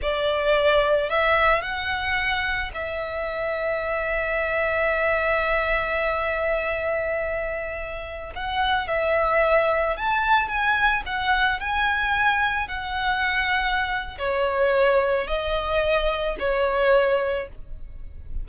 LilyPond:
\new Staff \with { instrumentName = "violin" } { \time 4/4 \tempo 4 = 110 d''2 e''4 fis''4~ | fis''4 e''2.~ | e''1~ | e''2.~ e''16 fis''8.~ |
fis''16 e''2 a''4 gis''8.~ | gis''16 fis''4 gis''2 fis''8.~ | fis''2 cis''2 | dis''2 cis''2 | }